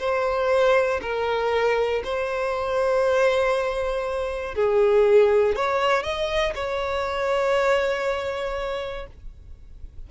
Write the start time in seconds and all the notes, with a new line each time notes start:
0.00 C5
1.02 A#4
2.04 C5
4.55 G#4
5.56 C#5
6.03 D#5
6.55 C#5